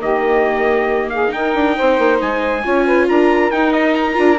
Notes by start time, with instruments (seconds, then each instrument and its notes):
0.00 bassoon D#3, viola A#3, saxophone G4, trumpet D#5
1.10 saxophone G#4, trumpet F5
1.29 viola D#4, bassoon D#4, trumpet G5
1.35 saxophone A#4
1.55 bassoon D4
1.77 bassoon C4, saxophone C5
1.99 bassoon A#3
2.21 bassoon G#3, trumpet G#5
2.64 bassoon C#4, viola F4, saxophone C#5
2.86 saxophone B4
3.09 bassoon D4, saxophone A#4, trumpet A#5
3.51 bassoon D#4, viola D#4, trumpet G5
3.73 trumpet D#5
3.95 trumpet A#5
4.15 bassoon D4, viola F4